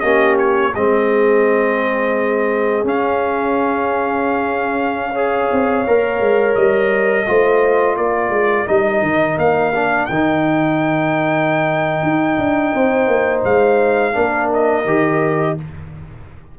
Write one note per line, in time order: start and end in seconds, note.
0.00 0.74 A#3
0.00 0.74 C#4
0.00 0.72 G4
0.00 0.35 D#5
0.39 0.74 C#5
0.75 2.84 G#3
0.75 2.85 C4
0.75 5.12 G#4
0.75 2.87 D#5
2.84 5.49 C#4
2.84 5.14 C#4
2.84 6.55 F5
5.12 5.85 G#4
5.12 7.24 C#5
5.52 5.87 C4
5.87 6.20 A#3
5.87 7.26 A#4
6.20 6.55 G#3
6.55 7.27 G3
6.55 7.96 D#5
7.26 7.97 A3
7.26 8.67 F4
7.26 7.98 C5
7.97 8.30 A#3
7.97 12.73 A#4
7.97 8.67 D5
8.30 8.65 G#3
8.67 9.02 G3
8.67 9.73 D#4
8.67 9.38 D#5
9.02 9.37 D#3
9.38 10.08 A#3
9.38 10.06 F5
9.75 10.10 D4
10.06 12.03 D#3
10.06 14.13 D#4
10.06 13.41 G5
12.03 12.38 D#4
12.39 12.74 D4
12.73 13.08 C4
12.73 14.14 C5
13.08 13.43 A#3
13.45 14.15 G#3
13.45 14.51 F5
14.13 14.86 A#3
14.13 14.84 D4
14.13 15.56 A#4
14.54 15.59 D#5
14.86 15.56 D#3
14.86 15.57 G4